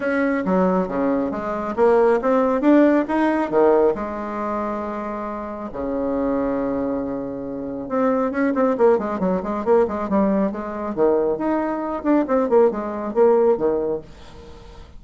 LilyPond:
\new Staff \with { instrumentName = "bassoon" } { \time 4/4 \tempo 4 = 137 cis'4 fis4 cis4 gis4 | ais4 c'4 d'4 dis'4 | dis4 gis2.~ | gis4 cis2.~ |
cis2 c'4 cis'8 c'8 | ais8 gis8 fis8 gis8 ais8 gis8 g4 | gis4 dis4 dis'4. d'8 | c'8 ais8 gis4 ais4 dis4 | }